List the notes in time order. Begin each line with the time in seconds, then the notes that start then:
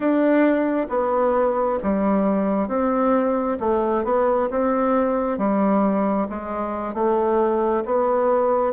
0.00 D4
0.89 B3
1.82 G3
2.67 C4
3.60 A3
4.04 B3
4.50 C4
5.37 G3
6.29 G#3
6.94 A3
7.85 B3